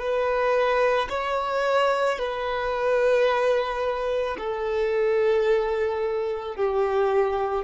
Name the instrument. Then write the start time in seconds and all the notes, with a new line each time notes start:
violin
0.00 B4
1.10 C#5
2.19 B4
4.38 A4
6.56 G4